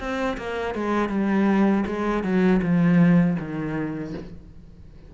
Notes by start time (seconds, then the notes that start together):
0.00 C4
0.38 A#3
0.75 G#3
1.09 G3
1.86 G#3
2.24 F#3
2.62 F3
3.39 D#3